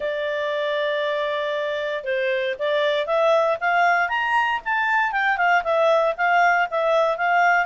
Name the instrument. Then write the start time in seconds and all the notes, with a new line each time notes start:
clarinet
0.00 D5
2.03 C5
2.58 D5
3.06 E5
3.60 F5
4.09 A#5
4.64 A5
5.12 G5
5.37 F5
5.63 E5
6.17 F5
6.70 E5
7.17 F5